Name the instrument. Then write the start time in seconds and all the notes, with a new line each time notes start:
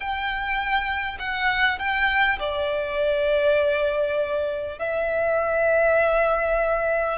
violin
0.00 G5
1.19 F#5
1.78 G5
2.39 D5
4.78 E5